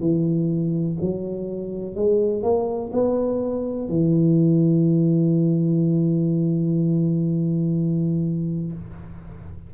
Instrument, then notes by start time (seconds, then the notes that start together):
tuba
0.00 E3
1.01 F#3
1.95 G#3
2.43 A#3
2.93 B3
3.89 E3